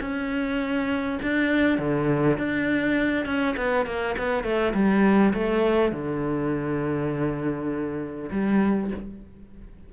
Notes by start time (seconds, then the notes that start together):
0.00 C#4
1.22 D4
1.78 D3
2.37 D4
3.25 C#4
3.56 B3
3.86 A#3
4.17 B3
4.43 A3
4.74 G3
5.33 A3
5.92 D3
8.31 G3